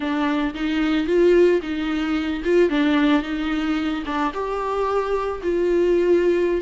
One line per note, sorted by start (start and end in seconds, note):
0.00 0.54 D4
0.54 1.07 D#4
1.07 1.61 F4
1.61 2.43 D#4
2.44 2.69 F4
2.69 3.22 D4
3.22 4.03 D#4
4.05 4.32 D4
4.33 5.41 G4
5.42 6.61 F4